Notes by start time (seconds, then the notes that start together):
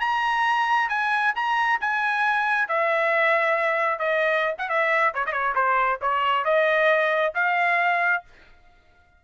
0.00 A#5
0.89 G#5
1.35 A#5
1.80 G#5
2.68 E5
3.99 D#5
4.58 F#5
4.69 E5
5.14 C#5
5.26 D#5
5.32 C#5
5.55 C5
6.01 C#5
6.44 D#5
7.35 F5